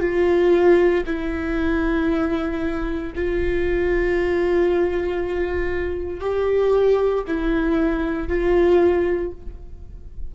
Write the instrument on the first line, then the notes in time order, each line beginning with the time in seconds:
viola
0.00 F4
1.05 E4
3.15 F4
6.20 G4
7.27 E4
8.28 F4